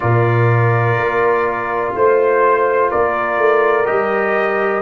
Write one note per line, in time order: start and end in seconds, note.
0.00 0.97 A#2
0.00 3.85 F4
0.00 1.95 A#4
0.00 1.94 D5
0.97 1.94 A#3
1.95 2.92 A3
1.95 2.90 C5
1.95 2.91 C5
2.90 3.38 A#3
2.90 4.82 A#4
2.90 3.85 D5
3.38 3.86 A3
3.85 4.82 G3
3.85 4.81 G4
3.85 4.82 D#5